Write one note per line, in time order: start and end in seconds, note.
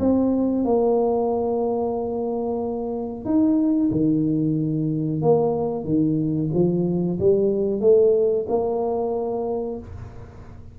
0.00 0.65 C4
0.65 3.25 A#3
3.25 3.90 D#4
3.92 5.22 D#3
5.22 5.85 A#3
5.85 6.50 D#3
6.54 7.19 F3
7.19 7.81 G3
7.81 8.46 A3
8.49 9.79 A#3